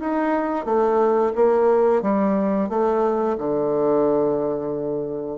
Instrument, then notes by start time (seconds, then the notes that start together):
bassoon
0.00 D#4
0.65 A3
1.35 A#3
2.02 G3
2.69 A3
3.38 D3